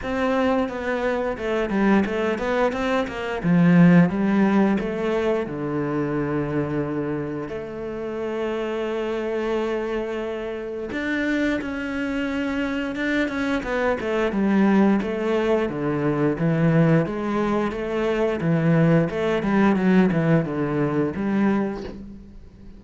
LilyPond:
\new Staff \with { instrumentName = "cello" } { \time 4/4 \tempo 4 = 88 c'4 b4 a8 g8 a8 b8 | c'8 ais8 f4 g4 a4 | d2. a4~ | a1 |
d'4 cis'2 d'8 cis'8 | b8 a8 g4 a4 d4 | e4 gis4 a4 e4 | a8 g8 fis8 e8 d4 g4 | }